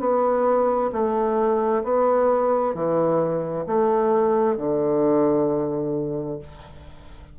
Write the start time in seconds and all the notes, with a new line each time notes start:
0.00 B3
0.92 A3
1.83 B3
2.74 E3
3.67 A3
4.57 D3